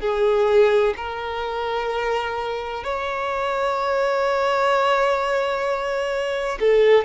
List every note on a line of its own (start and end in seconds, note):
0.00 0.94 G#4
0.96 2.83 A#4
2.83 6.58 C#5
6.60 7.04 A4